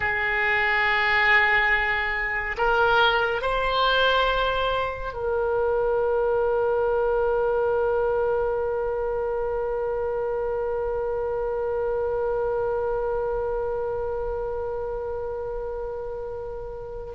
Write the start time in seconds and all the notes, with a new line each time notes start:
0.00 G#4
2.57 A#4
3.41 C5
5.13 A#4